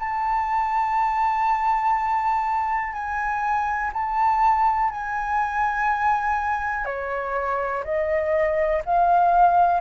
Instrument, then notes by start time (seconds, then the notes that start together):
flute
0.00 A5
2.93 G#5
3.94 A5
4.91 G#5
6.86 C#5
7.85 D#5
8.86 F5